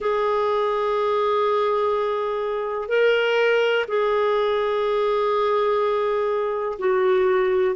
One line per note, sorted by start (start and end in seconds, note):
0.00 2.88 G#4
2.88 3.85 A#4
3.88 6.78 G#4
6.78 7.75 F#4